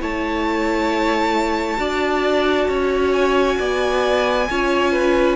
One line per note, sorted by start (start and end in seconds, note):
0.00 1.79 A3
0.00 1.78 E4
0.00 1.80 C#5
0.00 3.13 A5
1.78 2.68 D4
1.78 4.46 F#4
1.78 2.69 D5
2.69 3.58 C#4
2.69 3.58 C#5
3.13 5.37 G#5
3.59 4.49 B3
3.59 4.49 D5
4.50 5.37 C#4
4.50 5.37 F4
4.50 4.92 C#5
4.92 5.37 B4